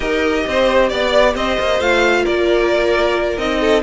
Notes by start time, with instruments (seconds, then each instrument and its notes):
0.00 cello D#4, viola G4, violin A#4 D#5
0.46 cello C4, violin C5
0.88 cello B3, violin D5
1.35 cello C4, violin C5 D#5
1.59 cello A#3
1.79 cello A3, viola F4, violin F5
2.23 cello A#3, violin A#4 D5
3.37 cello C4, viola D#4, violin D#5
3.60 violin A4